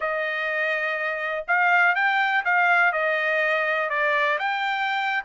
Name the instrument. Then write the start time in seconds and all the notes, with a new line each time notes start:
trumpet
0.00 D#5
1.47 F5
1.95 G5
2.44 F5
2.92 D#5
3.89 D5
4.38 G5